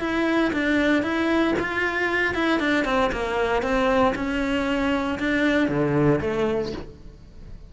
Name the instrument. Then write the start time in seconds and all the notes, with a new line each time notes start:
cello
0.00 E4
0.53 D4
1.03 E4
1.59 F4
2.34 E4
2.60 D4
2.85 C4
3.12 A#3
3.62 C4
4.15 C#4
5.19 D4
5.68 D3
6.20 A3